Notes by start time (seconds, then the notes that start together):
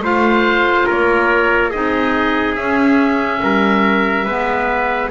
0.00 A3 F4 C5 F5
0.86 A#3 A#4 C#5
1.70 C4 D#4 G#4 D#5
2.56 C#4 E5
3.42 G3 A#4
4.25 G#3 B3 B4